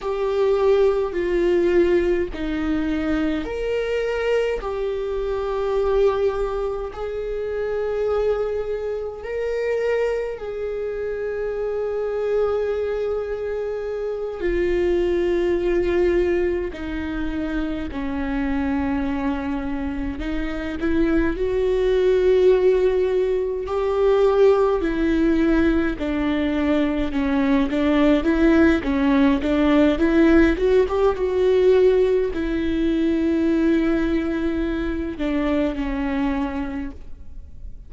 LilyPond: \new Staff \with { instrumentName = "viola" } { \time 4/4 \tempo 4 = 52 g'4 f'4 dis'4 ais'4 | g'2 gis'2 | ais'4 gis'2.~ | gis'8 f'2 dis'4 cis'8~ |
cis'4. dis'8 e'8 fis'4.~ | fis'8 g'4 e'4 d'4 cis'8 | d'8 e'8 cis'8 d'8 e'8 fis'16 g'16 fis'4 | e'2~ e'8 d'8 cis'4 | }